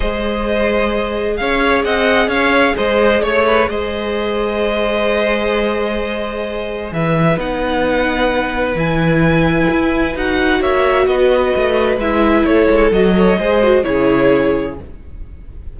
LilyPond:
<<
  \new Staff \with { instrumentName = "violin" } { \time 4/4 \tempo 4 = 130 dis''2. f''4 | fis''4 f''4 dis''4 cis''4 | dis''1~ | dis''2. e''4 |
fis''2. gis''4~ | gis''2 fis''4 e''4 | dis''2 e''4 cis''4 | dis''2 cis''2 | }
  \new Staff \with { instrumentName = "violin" } { \time 4/4 c''2. cis''4 | dis''4 cis''4 c''4 cis''8 b'8 | c''1~ | c''2. b'4~ |
b'1~ | b'2. cis''4 | b'2. a'4~ | a'8 cis''8 c''4 gis'2 | }
  \new Staff \with { instrumentName = "viola" } { \time 4/4 gis'1~ | gis'1~ | gis'1~ | gis'1 |
dis'2. e'4~ | e'2 fis'2~ | fis'2 e'2 | fis'8 a'8 gis'8 fis'8 e'2 | }
  \new Staff \with { instrumentName = "cello" } { \time 4/4 gis2. cis'4 | c'4 cis'4 gis4 a4 | gis1~ | gis2. e4 |
b2. e4~ | e4 e'4 dis'4 ais4 | b4 a4 gis4 a8 gis8 | fis4 gis4 cis2 | }
>>